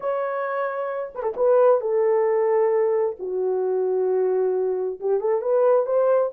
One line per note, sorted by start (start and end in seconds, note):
0.00 1.12 C#5
1.14 1.22 B4
1.22 1.34 A4
1.36 1.80 B4
1.80 3.16 A4
3.19 4.99 F#4
5.00 5.20 G4
5.20 5.41 A4
5.41 5.86 B4
5.86 6.31 C5